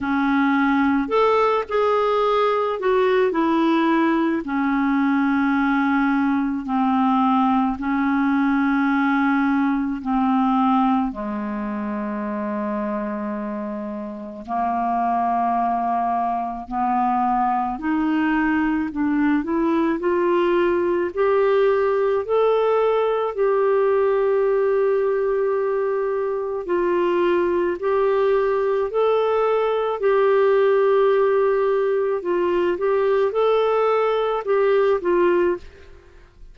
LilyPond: \new Staff \with { instrumentName = "clarinet" } { \time 4/4 \tempo 4 = 54 cis'4 a'8 gis'4 fis'8 e'4 | cis'2 c'4 cis'4~ | cis'4 c'4 gis2~ | gis4 ais2 b4 |
dis'4 d'8 e'8 f'4 g'4 | a'4 g'2. | f'4 g'4 a'4 g'4~ | g'4 f'8 g'8 a'4 g'8 f'8 | }